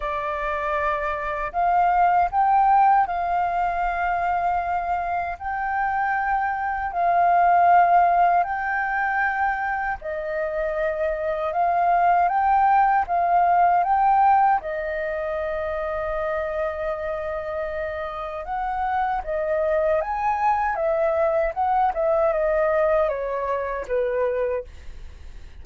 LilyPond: \new Staff \with { instrumentName = "flute" } { \time 4/4 \tempo 4 = 78 d''2 f''4 g''4 | f''2. g''4~ | g''4 f''2 g''4~ | g''4 dis''2 f''4 |
g''4 f''4 g''4 dis''4~ | dis''1 | fis''4 dis''4 gis''4 e''4 | fis''8 e''8 dis''4 cis''4 b'4 | }